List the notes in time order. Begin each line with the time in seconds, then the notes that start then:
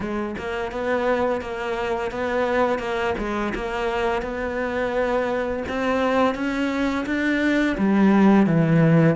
0.00 G#3
0.38 A#3
0.71 B3
1.41 A#3
2.11 B3
2.79 A#3
3.18 G#3
3.54 A#3
4.22 B3
5.68 C4
6.34 C#4
7.06 D4
7.77 G3
8.46 E3